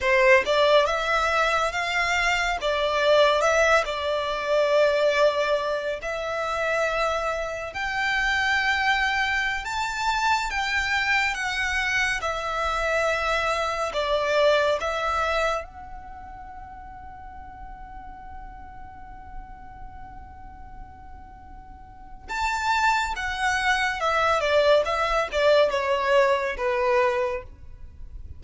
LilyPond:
\new Staff \with { instrumentName = "violin" } { \time 4/4 \tempo 4 = 70 c''8 d''8 e''4 f''4 d''4 | e''8 d''2~ d''8 e''4~ | e''4 g''2~ g''16 a''8.~ | a''16 g''4 fis''4 e''4.~ e''16~ |
e''16 d''4 e''4 fis''4.~ fis''16~ | fis''1~ | fis''2 a''4 fis''4 | e''8 d''8 e''8 d''8 cis''4 b'4 | }